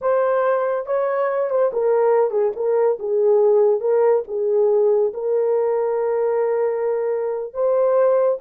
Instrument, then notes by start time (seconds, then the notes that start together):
horn
0.01 C5
0.86 C#5
1.50 C5
1.73 A#4
2.31 G#4
2.56 A#4
2.99 G#4
3.80 A#4
4.27 G#4
5.13 A#4
7.53 C5